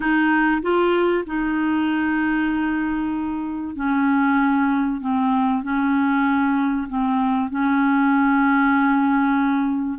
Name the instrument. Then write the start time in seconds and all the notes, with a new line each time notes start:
clarinet
0.00 D#4
0.61 F4
1.26 D#4
3.75 C#4
5.00 C4
5.62 C#4
6.88 C4
7.50 C#4